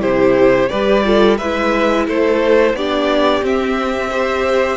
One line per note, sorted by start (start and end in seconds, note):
0.00 0.69 C3
0.00 0.68 E4
0.00 0.70 G4
0.00 0.69 C5
0.69 1.40 G3
0.69 1.04 G4
0.69 1.04 B4
0.69 1.37 D5
1.04 1.38 F4
1.04 1.38 A4
1.37 2.08 G#3
1.37 2.78 E4
1.37 2.06 B4
1.37 2.06 E5
2.07 2.74 A3
2.07 2.75 A4
2.07 2.76 C5
2.74 3.42 B3
2.74 3.42 D4
2.74 4.11 G4
2.74 3.44 D5
3.42 4.11 C4
3.42 4.77 C4
3.42 4.77 E5
4.11 4.77 G4
4.11 4.77 C5